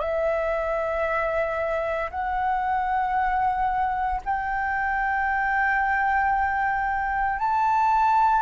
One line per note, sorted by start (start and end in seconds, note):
0.00 2.11 E5
2.11 4.22 F#5
4.25 7.39 G5
7.39 8.43 A5